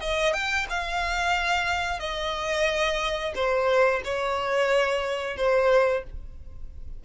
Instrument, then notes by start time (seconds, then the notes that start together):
violin
0.00 D#5
0.33 G5
0.70 F5
2.00 D#5
3.35 C5
4.04 C#5
5.37 C5